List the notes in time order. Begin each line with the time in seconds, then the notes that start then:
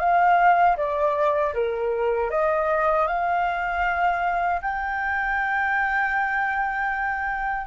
0.00 F5
0.77 D5
1.55 A#4
2.31 D#5
3.08 F5
4.62 G5